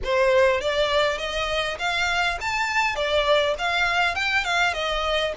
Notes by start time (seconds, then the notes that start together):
0.04 C5
0.60 D5
1.18 D#5
1.78 F5
2.40 A5
2.95 D5
3.58 F5
4.14 G5
4.44 F5
4.73 D#5